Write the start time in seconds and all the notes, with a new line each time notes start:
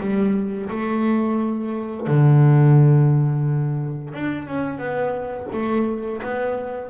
0.00 G3
0.70 A3
2.07 D3
4.14 D4
4.47 C#4
4.78 B3
5.53 A3
6.23 B3